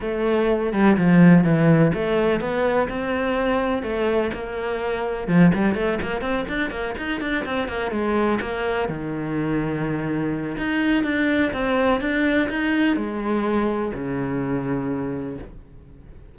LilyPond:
\new Staff \with { instrumentName = "cello" } { \time 4/4 \tempo 4 = 125 a4. g8 f4 e4 | a4 b4 c'2 | a4 ais2 f8 g8 | a8 ais8 c'8 d'8 ais8 dis'8 d'8 c'8 |
ais8 gis4 ais4 dis4.~ | dis2 dis'4 d'4 | c'4 d'4 dis'4 gis4~ | gis4 cis2. | }